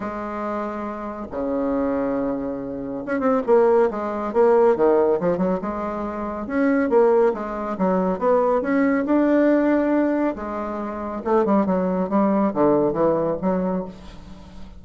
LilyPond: \new Staff \with { instrumentName = "bassoon" } { \time 4/4 \tempo 4 = 139 gis2. cis4~ | cis2. cis'8 c'8 | ais4 gis4 ais4 dis4 | f8 fis8 gis2 cis'4 |
ais4 gis4 fis4 b4 | cis'4 d'2. | gis2 a8 g8 fis4 | g4 d4 e4 fis4 | }